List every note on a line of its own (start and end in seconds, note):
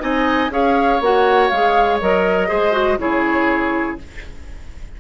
0.00 0.49 C4
0.00 0.50 D#4
0.00 0.52 D#5
0.00 0.51 G#5
0.49 0.99 C#4
0.49 1.00 G#4
0.49 2.48 C#5
0.49 1.02 F5
1.00 1.50 A#3
1.00 1.53 F#4
1.00 1.49 F#5
1.49 2.01 G#3
1.49 2.01 G#4
1.49 1.99 F5
2.01 2.51 F#3
2.01 2.48 A#4
2.01 2.99 D#5
2.48 2.98 G#3
2.48 2.72 G#4
2.48 2.98 C5
2.72 2.97 F#4
2.98 3.98 C#3
2.98 3.98 E4
2.98 4.00 G#4
2.98 3.98 C#5